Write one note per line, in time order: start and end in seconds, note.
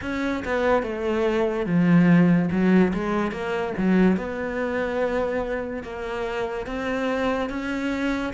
0.02 0.43 C#4
0.44 0.83 B3
0.83 1.66 A3
1.66 2.49 F3
2.51 2.92 F#3
2.93 3.31 G#3
3.31 3.73 A#3
3.77 4.17 F#3
4.17 5.83 B3
5.83 6.66 A#3
6.66 7.49 C4
7.49 8.33 C#4